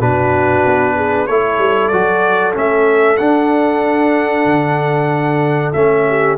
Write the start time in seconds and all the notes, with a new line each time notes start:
0.00 B2 D4 F#4 B4
0.65 B3
0.96 G#4
1.27 A3 E4 A4 C#5
1.59 G3
1.88 F#3 F#4 D5
2.53 A3 C#4 E5
3.17 D4 F#5
4.45 D3
5.73 A3 C#4 E5
6.08 G4